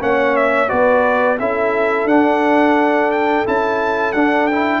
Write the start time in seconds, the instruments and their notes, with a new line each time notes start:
0.00 tuba A#3, trombone C#4, horn C#5, trumpet F#5
0.36 trumpet E5
0.68 tuba B3, trombone F#4, horn B4, trumpet D5
1.38 tuba C#4, trombone E4, horn A4, trumpet E5
2.04 tuba D4, trombone D4, trumpet F#5
3.11 trumpet G5
3.45 tuba C#4, trombone E4, trumpet A5
4.12 tuba D4, trombone D4, trumpet F#5
4.46 trombone E4, trumpet G5